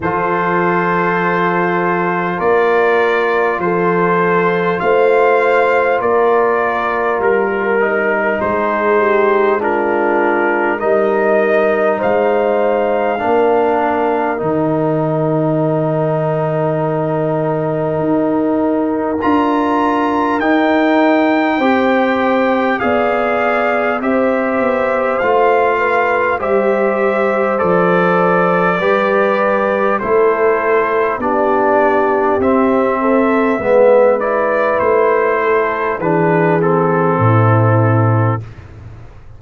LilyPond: <<
  \new Staff \with { instrumentName = "trumpet" } { \time 4/4 \tempo 4 = 50 c''2 d''4 c''4 | f''4 d''4 ais'4 c''4 | ais'4 dis''4 f''2 | g''1 |
ais''4 g''2 f''4 | e''4 f''4 e''4 d''4~ | d''4 c''4 d''4 e''4~ | e''8 d''8 c''4 b'8 a'4. | }
  \new Staff \with { instrumentName = "horn" } { \time 4/4 a'2 ais'4 a'4 | c''4 ais'2 gis'8 g'8 | f'4 ais'4 c''4 ais'4~ | ais'1~ |
ais'2 c''4 d''4 | c''4. b'8 c''2 | b'4 a'4 g'4. a'8 | b'4. a'8 gis'4 e'4 | }
  \new Staff \with { instrumentName = "trombone" } { \time 4/4 f'1~ | f'2~ f'8 dis'4. | d'4 dis'2 d'4 | dis'1 |
f'4 dis'4 g'4 gis'4 | g'4 f'4 g'4 a'4 | g'4 e'4 d'4 c'4 | b8 e'4. d'8 c'4. | }
  \new Staff \with { instrumentName = "tuba" } { \time 4/4 f2 ais4 f4 | a4 ais4 g4 gis4~ | gis4 g4 gis4 ais4 | dis2. dis'4 |
d'4 dis'4 c'4 b4 | c'8 b8 a4 g4 f4 | g4 a4 b4 c'4 | gis4 a4 e4 a,4 | }
>>